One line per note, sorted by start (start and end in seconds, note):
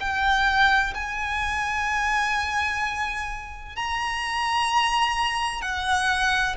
0.00 0.94 G5
0.95 3.76 G#5
3.76 5.62 A#5
5.62 6.56 F#5